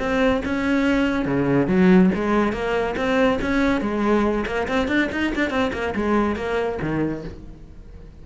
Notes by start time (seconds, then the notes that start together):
0.00 C4
0.45 C#4
1.26 C#3
1.68 F#3
2.15 G#3
2.53 A#3
2.97 C4
3.42 C#4
3.82 G#3
4.47 A#3
4.68 C4
4.88 D4
5.12 D#4
5.35 D4
5.51 C4
5.73 A#3
5.95 G#3
6.36 A#3
6.82 D#3